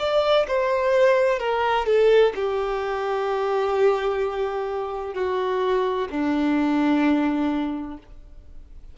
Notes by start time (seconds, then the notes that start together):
0.00 D5
0.48 C5
1.40 A#4
1.87 A4
2.36 G4
5.15 F#4
6.11 D4